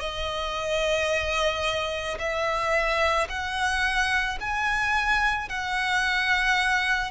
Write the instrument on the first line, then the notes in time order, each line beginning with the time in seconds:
violin
0.00 D#5
2.19 E5
3.29 F#5
4.41 G#5
5.49 F#5